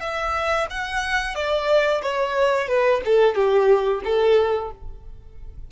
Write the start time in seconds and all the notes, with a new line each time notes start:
0.00 E5
0.70 F#5
1.35 D5
2.02 C#5
2.68 B4
3.05 A4
3.35 G4
4.04 A4